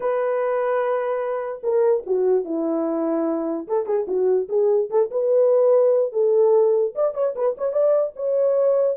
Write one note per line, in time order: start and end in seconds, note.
0.00 1.61 B4
1.63 2.04 A#4
2.06 2.44 F#4
2.44 3.67 E4
3.67 3.86 A4
3.86 4.06 G#4
4.07 4.48 F#4
4.48 4.89 G#4
4.90 5.10 A4
5.10 6.12 B4
6.12 6.94 A4
6.95 7.14 D5
7.14 7.34 C#5
7.35 7.56 B4
7.57 7.72 C#5
7.72 8.13 D5
8.16 8.97 C#5